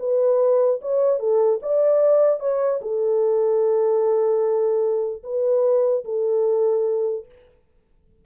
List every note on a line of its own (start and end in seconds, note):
0.00 0.81 B4
0.82 1.20 C#5
1.20 1.60 A4
1.63 2.40 D5
2.40 2.81 C#5
2.82 5.23 A4
5.24 6.05 B4
6.05 7.26 A4